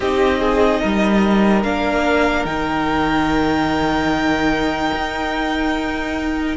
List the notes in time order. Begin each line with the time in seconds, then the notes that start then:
0.00 C4 D#4 G4 D#5
0.39 G#4
0.80 G3 A#4
1.63 A#3 D4 F5
2.44 D#3 D#4 G5
4.93 D#4